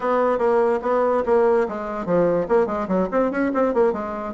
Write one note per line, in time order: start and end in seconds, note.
0.00 0.38 B3
0.38 0.79 A#3
0.82 1.23 B3
1.25 1.67 A#3
1.68 2.05 G#3
2.05 2.46 F3
2.48 2.66 A#3
2.66 2.87 G#3
2.88 3.08 F#3
3.11 3.31 C4
3.31 3.51 C#4
3.53 3.74 C4
3.74 3.93 A#3
3.93 4.34 G#3